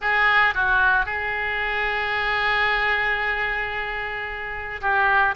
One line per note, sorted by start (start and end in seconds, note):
0.01 0.54 G#4
0.54 1.05 F#4
1.05 4.80 G#4
4.81 5.34 G4